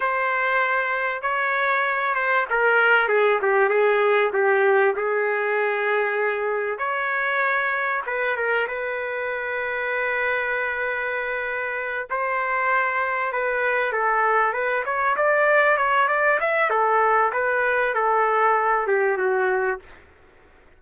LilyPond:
\new Staff \with { instrumentName = "trumpet" } { \time 4/4 \tempo 4 = 97 c''2 cis''4. c''8 | ais'4 gis'8 g'8 gis'4 g'4 | gis'2. cis''4~ | cis''4 b'8 ais'8 b'2~ |
b'2.~ b'8 c''8~ | c''4. b'4 a'4 b'8 | cis''8 d''4 cis''8 d''8 e''8 a'4 | b'4 a'4. g'8 fis'4 | }